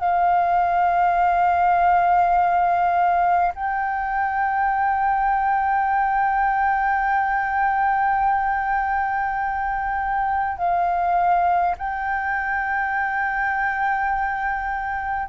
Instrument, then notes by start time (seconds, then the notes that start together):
flute
0.00 F5
3.56 G5
10.58 F5
11.79 G5